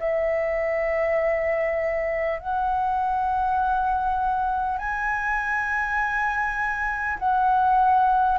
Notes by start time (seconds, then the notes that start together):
0.00 E5
2.40 F#5
4.79 G#5
7.19 F#5